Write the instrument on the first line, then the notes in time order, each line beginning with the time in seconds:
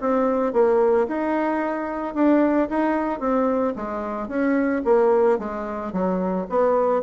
bassoon
0.00 C4
0.53 A#3
1.07 D#4
2.14 D4
2.69 D#4
3.19 C4
3.75 G#3
4.28 C#4
4.84 A#3
5.38 G#3
5.92 F#3
6.49 B3